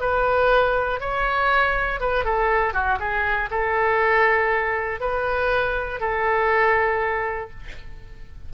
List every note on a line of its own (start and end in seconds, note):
0.00 1.00 B4
1.00 2.00 C#5
2.00 2.24 B4
2.24 2.73 A4
2.73 2.98 F#4
2.99 3.49 G#4
3.51 5.00 A4
5.00 6.00 B4
6.00 7.50 A4